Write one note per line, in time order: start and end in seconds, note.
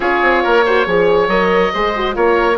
0.00 0.20 C#4
0.00 0.63 F4
0.00 0.43 G#4
0.00 1.27 C#5
0.22 0.43 C4
0.43 0.86 A#3
0.43 0.64 A#4
0.65 0.86 F#4
0.65 0.86 C5
0.86 1.27 F3
0.86 1.29 G#4
0.86 1.73 C#5
1.27 1.71 F#3
1.27 1.72 A#4
1.27 2.15 D#5
1.73 2.16 G#3
1.73 1.95 G#4
1.73 2.15 C5
1.96 2.13 F#4
2.13 2.58 A#3
2.13 2.56 F4
2.13 2.58 A#4
2.13 2.58 C#5